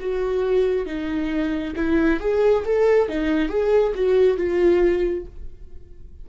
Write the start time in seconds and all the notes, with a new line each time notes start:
0.00 F#4
0.86 D#4
1.76 E4
2.20 G#4
2.65 A4
3.08 D#4
3.49 G#4
3.95 F#4
4.38 F4